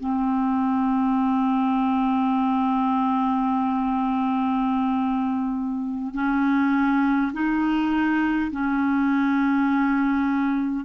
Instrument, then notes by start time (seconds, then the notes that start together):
clarinet
0.00 C4
6.14 C#4
7.34 D#4
8.51 C#4